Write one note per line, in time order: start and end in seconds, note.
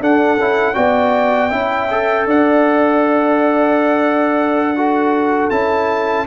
0.00 0.38 D4
0.00 0.75 A4
0.00 0.75 F#5
0.38 0.76 C#4
0.38 0.74 E4
0.74 1.51 B3
0.74 1.50 F#4
0.74 1.50 D5
0.74 2.26 G5
1.50 2.26 C#4
1.50 1.89 E4
1.50 2.26 E5
1.90 4.75 A4
2.26 5.49 D4
2.26 4.74 D5
2.26 5.50 F#5
4.76 5.51 F#4
4.76 6.27 A4
5.50 6.27 C#4
5.50 6.27 E4
5.50 6.26 A5